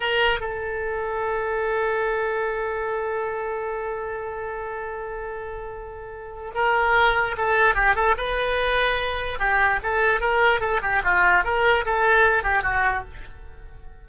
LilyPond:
\new Staff \with { instrumentName = "oboe" } { \time 4/4 \tempo 4 = 147 ais'4 a'2.~ | a'1~ | a'1~ | a'1 |
ais'2 a'4 g'8 a'8 | b'2. g'4 | a'4 ais'4 a'8 g'8 f'4 | ais'4 a'4. g'8 fis'4 | }